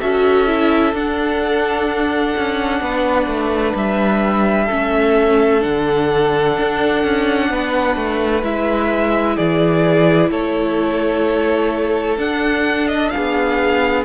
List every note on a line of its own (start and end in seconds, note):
0.00 0.93 C#4
0.00 0.47 F#4
0.00 2.81 A4
0.00 0.94 E5
0.47 0.94 E4
0.93 2.34 D4
0.93 4.69 D4
0.93 3.77 F#5
2.37 2.81 C#4
2.81 3.27 B3
2.81 4.65 B4
3.27 3.73 A3
3.75 4.69 G3
3.75 5.62 E5
4.65 5.60 C#4
4.65 7.46 A4
4.72 5.64 A3
5.60 6.58 D3
5.60 8.41 D4
5.60 8.44 F#5
6.58 7.04 D4
7.04 7.50 C#4
7.50 7.96 B3
7.50 9.36 B4
7.96 8.43 A3
8.43 9.37 G#3
8.43 12.18 E4
8.43 9.37 E5
9.36 10.30 E3
9.36 10.30 G#4
9.36 10.30 D5
10.30 12.17 A3
10.30 13.12 A4
10.30 12.18 C#5
12.17 13.11 D4
12.17 14.04 D4
12.17 12.88 F#5
12.88 13.10 D#5
13.10 14.04 G#4
13.10 14.04 F5
13.17 14.04 B3